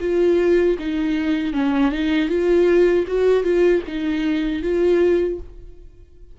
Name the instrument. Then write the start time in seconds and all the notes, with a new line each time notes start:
viola
0.00 F4
0.79 D#4
1.53 C#4
1.91 D#4
2.29 F4
3.07 F#4
3.43 F4
3.87 D#4
4.62 F4